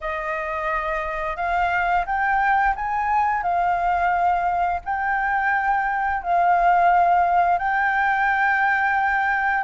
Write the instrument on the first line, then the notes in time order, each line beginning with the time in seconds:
flute
0.00 D#5
1.36 F5
2.06 G5
2.75 G#5
3.43 F5
4.84 G5
6.22 F5
7.58 G5